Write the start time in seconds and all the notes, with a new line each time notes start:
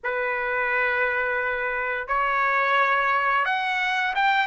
0.03 B4
2.07 C#5
3.45 F#5
4.15 G5